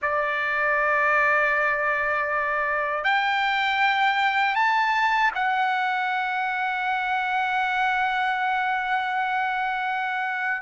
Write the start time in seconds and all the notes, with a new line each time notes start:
0.02 D5
3.04 G5
4.55 A5
5.34 F#5